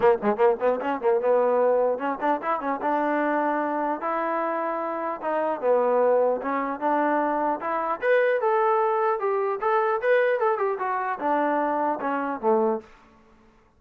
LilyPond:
\new Staff \with { instrumentName = "trombone" } { \time 4/4 \tempo 4 = 150 ais8 gis8 ais8 b8 cis'8 ais8 b4~ | b4 cis'8 d'8 e'8 cis'8 d'4~ | d'2 e'2~ | e'4 dis'4 b2 |
cis'4 d'2 e'4 | b'4 a'2 g'4 | a'4 b'4 a'8 g'8 fis'4 | d'2 cis'4 a4 | }